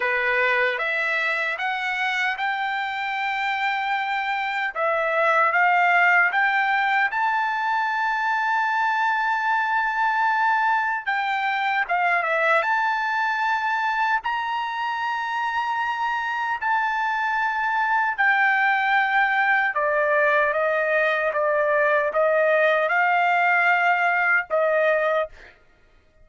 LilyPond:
\new Staff \with { instrumentName = "trumpet" } { \time 4/4 \tempo 4 = 76 b'4 e''4 fis''4 g''4~ | g''2 e''4 f''4 | g''4 a''2.~ | a''2 g''4 f''8 e''8 |
a''2 ais''2~ | ais''4 a''2 g''4~ | g''4 d''4 dis''4 d''4 | dis''4 f''2 dis''4 | }